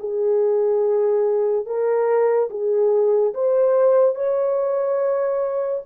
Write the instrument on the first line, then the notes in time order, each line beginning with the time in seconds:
horn
0.00 G#4
1.66 A#4
2.50 G#4
3.34 C5
4.15 C#5